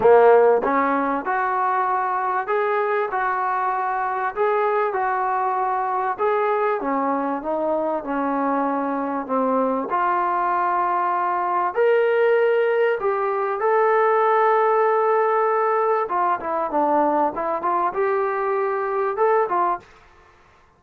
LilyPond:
\new Staff \with { instrumentName = "trombone" } { \time 4/4 \tempo 4 = 97 ais4 cis'4 fis'2 | gis'4 fis'2 gis'4 | fis'2 gis'4 cis'4 | dis'4 cis'2 c'4 |
f'2. ais'4~ | ais'4 g'4 a'2~ | a'2 f'8 e'8 d'4 | e'8 f'8 g'2 a'8 f'8 | }